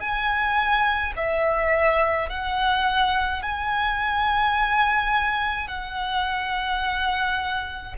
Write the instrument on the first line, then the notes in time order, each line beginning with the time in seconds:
violin
0.00 G#5
1.16 E5
2.30 F#5
3.42 G#5
5.68 F#5